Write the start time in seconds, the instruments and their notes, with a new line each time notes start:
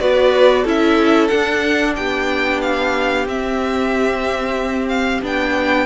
0.00 cello B3, viola F#4, violin B4 D5
0.64 cello C#4, viola E4, violin A4 E5
1.28 viola D4, cello D4, violin F#5
1.96 cello B3, violin G4 G5
2.62 violin F5
3.26 cello C4, viola C4, violin E5
4.88 violin F5
5.22 cello B3, viola D4, violin G5